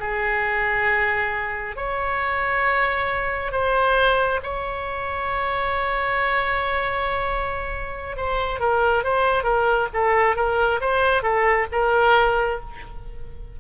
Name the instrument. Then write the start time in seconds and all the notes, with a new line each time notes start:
oboe
0.00 G#4
1.76 C#5
3.52 C5
4.43 C#5
8.17 C5
8.60 A#4
9.04 C5
9.44 A#4
9.94 A4
10.36 A#4
10.81 C5
11.23 A4
11.72 A#4